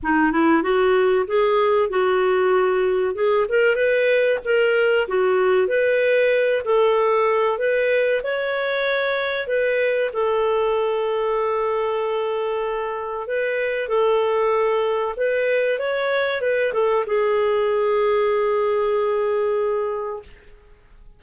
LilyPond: \new Staff \with { instrumentName = "clarinet" } { \time 4/4 \tempo 4 = 95 dis'8 e'8 fis'4 gis'4 fis'4~ | fis'4 gis'8 ais'8 b'4 ais'4 | fis'4 b'4. a'4. | b'4 cis''2 b'4 |
a'1~ | a'4 b'4 a'2 | b'4 cis''4 b'8 a'8 gis'4~ | gis'1 | }